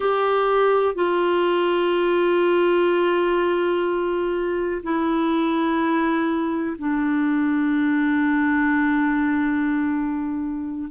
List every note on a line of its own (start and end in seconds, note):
0.00 0.94 G4
0.94 4.81 F4
4.83 6.76 E4
6.78 10.89 D4